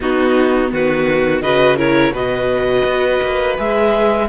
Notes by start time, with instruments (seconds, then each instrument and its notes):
0.00 viola B3, cello B3, violin D#4, clarinet F#4
0.71 cello D#3, violin F#4, clarinet B4
1.41 cello C#3, viola F#4, violin B4, clarinet D#5
1.76 viola E4, violin A#4, clarinet C#5
2.11 cello B2, viola F#4, violin B4, clarinet D#5
2.84 cello B3
3.22 cello A#3
3.57 cello G#3, viola G#4, clarinet E5